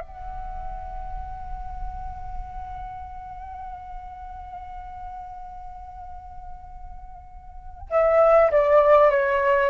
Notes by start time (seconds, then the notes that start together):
0.00 F#5
7.90 E5
8.51 D5
9.10 C#5